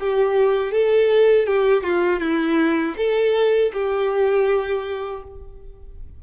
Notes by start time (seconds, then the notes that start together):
0.00 G4
0.72 A4
1.47 G4
1.84 F4
2.20 E4
2.97 A4
3.73 G4